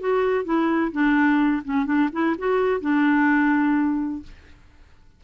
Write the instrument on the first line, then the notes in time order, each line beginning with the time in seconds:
clarinet
0.00 F#4
0.44 E4
0.92 D4
1.64 C#4
1.85 D4
2.12 E4
2.38 F#4
2.81 D4